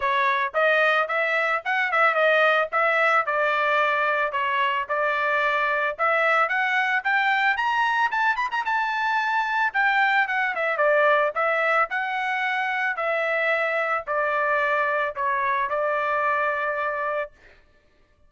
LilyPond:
\new Staff \with { instrumentName = "trumpet" } { \time 4/4 \tempo 4 = 111 cis''4 dis''4 e''4 fis''8 e''8 | dis''4 e''4 d''2 | cis''4 d''2 e''4 | fis''4 g''4 ais''4 a''8 b''16 ais''16 |
a''2 g''4 fis''8 e''8 | d''4 e''4 fis''2 | e''2 d''2 | cis''4 d''2. | }